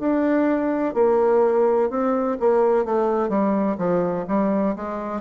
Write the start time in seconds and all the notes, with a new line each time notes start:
0.00 D4
0.95 A#3
1.90 C4
2.40 A#3
2.85 A3
3.29 G3
3.78 F3
4.28 G3
4.76 G#3